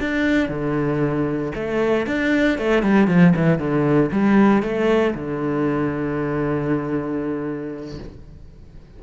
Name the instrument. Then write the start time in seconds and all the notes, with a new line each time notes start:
cello
0.00 D4
0.49 D3
1.55 A3
2.07 D4
2.58 A3
2.83 G3
3.08 F3
3.36 E3
3.59 D3
4.12 G3
4.63 A3
5.15 D3